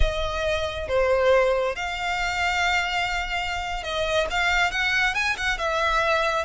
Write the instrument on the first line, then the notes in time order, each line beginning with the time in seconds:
violin
0.00 D#5
0.88 C5
1.75 F5
3.83 D#5
4.30 F5
4.71 F#5
5.14 G#5
5.37 F#5
5.58 E5